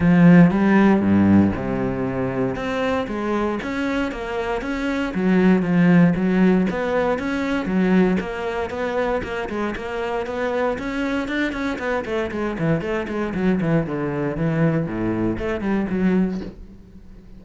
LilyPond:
\new Staff \with { instrumentName = "cello" } { \time 4/4 \tempo 4 = 117 f4 g4 g,4 c4~ | c4 c'4 gis4 cis'4 | ais4 cis'4 fis4 f4 | fis4 b4 cis'4 fis4 |
ais4 b4 ais8 gis8 ais4 | b4 cis'4 d'8 cis'8 b8 a8 | gis8 e8 a8 gis8 fis8 e8 d4 | e4 a,4 a8 g8 fis4 | }